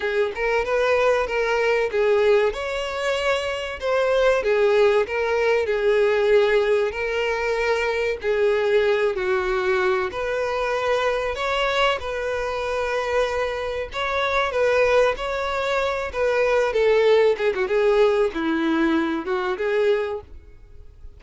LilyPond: \new Staff \with { instrumentName = "violin" } { \time 4/4 \tempo 4 = 95 gis'8 ais'8 b'4 ais'4 gis'4 | cis''2 c''4 gis'4 | ais'4 gis'2 ais'4~ | ais'4 gis'4. fis'4. |
b'2 cis''4 b'4~ | b'2 cis''4 b'4 | cis''4. b'4 a'4 gis'16 fis'16 | gis'4 e'4. fis'8 gis'4 | }